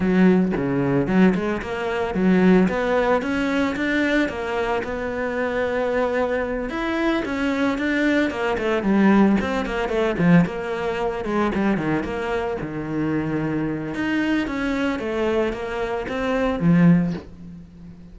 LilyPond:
\new Staff \with { instrumentName = "cello" } { \time 4/4 \tempo 4 = 112 fis4 cis4 fis8 gis8 ais4 | fis4 b4 cis'4 d'4 | ais4 b2.~ | b8 e'4 cis'4 d'4 ais8 |
a8 g4 c'8 ais8 a8 f8 ais8~ | ais4 gis8 g8 dis8 ais4 dis8~ | dis2 dis'4 cis'4 | a4 ais4 c'4 f4 | }